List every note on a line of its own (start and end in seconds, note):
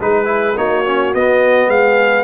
0.00 0.57 G#3
0.00 0.25 D#4
0.00 0.57 G#4
0.00 0.57 B4
0.25 0.53 E4
0.56 1.14 A#3
0.56 0.85 D#4
0.56 1.69 F#4
0.56 1.14 C#5
0.86 1.14 C#4
1.14 1.67 B3
1.14 2.24 B3
1.14 1.70 D#5
1.67 2.24 G#3
1.67 2.24 G#4
1.67 2.24 F5